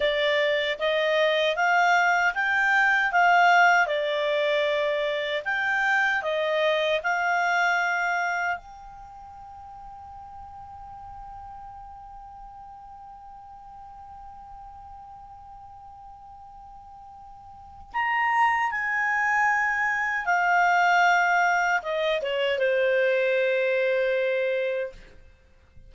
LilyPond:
\new Staff \with { instrumentName = "clarinet" } { \time 4/4 \tempo 4 = 77 d''4 dis''4 f''4 g''4 | f''4 d''2 g''4 | dis''4 f''2 g''4~ | g''1~ |
g''1~ | g''2. ais''4 | gis''2 f''2 | dis''8 cis''8 c''2. | }